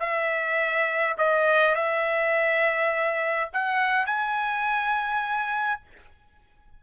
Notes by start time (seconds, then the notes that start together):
0.00 E5
1.18 D#5
1.76 E5
3.53 F#5
4.06 G#5